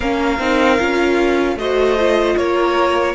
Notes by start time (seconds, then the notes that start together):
0.00 A#3 C#4 A#4 F5
0.39 C4 D#4
0.78 C#4 F4
1.55 A3 F#4 C5 D#5
1.98 F4
2.37 A#3 A#4 C#5